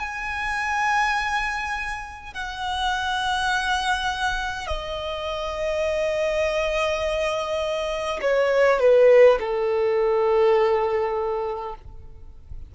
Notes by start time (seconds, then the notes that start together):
0.00 G#5
2.34 F#5
4.67 D#5
8.22 C#5
8.80 B4
9.40 A4